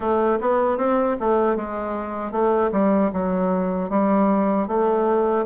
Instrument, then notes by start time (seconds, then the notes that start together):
bassoon
0.00 A3
0.41 B3
0.77 C4
1.20 A3
1.56 G#3
2.31 A3
2.72 G3
3.12 F#3
3.89 G3
4.67 A3